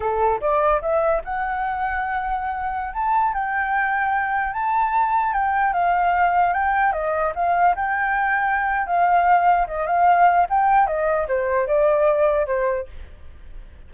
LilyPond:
\new Staff \with { instrumentName = "flute" } { \time 4/4 \tempo 4 = 149 a'4 d''4 e''4 fis''4~ | fis''2.~ fis''16 a''8.~ | a''16 g''2. a''8.~ | a''4~ a''16 g''4 f''4.~ f''16~ |
f''16 g''4 dis''4 f''4 g''8.~ | g''2 f''2 | dis''8 f''4. g''4 dis''4 | c''4 d''2 c''4 | }